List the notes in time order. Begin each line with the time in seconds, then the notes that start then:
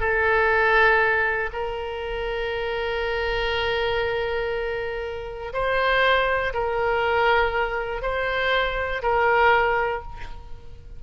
0.00 A4
1.53 A#4
5.53 C5
6.54 A#4
8.02 C5
9.03 A#4